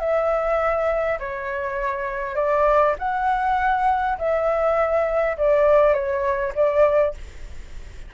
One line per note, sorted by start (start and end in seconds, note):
0.00 1.19 E5
1.20 2.36 C#5
2.36 2.95 D5
2.99 4.18 F#5
4.19 5.37 E5
5.38 5.94 D5
5.94 6.53 C#5
6.55 7.14 D5